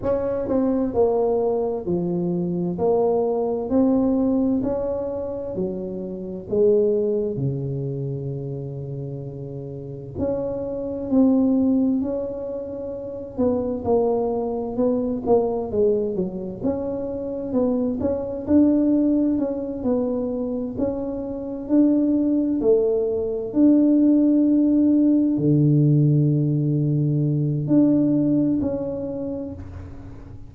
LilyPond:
\new Staff \with { instrumentName = "tuba" } { \time 4/4 \tempo 4 = 65 cis'8 c'8 ais4 f4 ais4 | c'4 cis'4 fis4 gis4 | cis2. cis'4 | c'4 cis'4. b8 ais4 |
b8 ais8 gis8 fis8 cis'4 b8 cis'8 | d'4 cis'8 b4 cis'4 d'8~ | d'8 a4 d'2 d8~ | d2 d'4 cis'4 | }